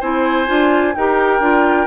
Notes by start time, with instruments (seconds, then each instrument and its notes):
0.00 bassoon C4, clarinet E4, oboe C5, flute G#5
0.46 bassoon D4, clarinet F4
0.95 bassoon D#4, clarinet G4, oboe A#4, flute G5
1.40 bassoon D4, clarinet F4